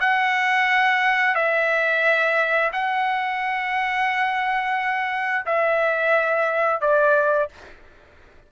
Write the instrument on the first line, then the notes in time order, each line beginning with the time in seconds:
trumpet
0.00 F#5
1.35 E5
2.72 F#5
5.46 E5
6.81 D5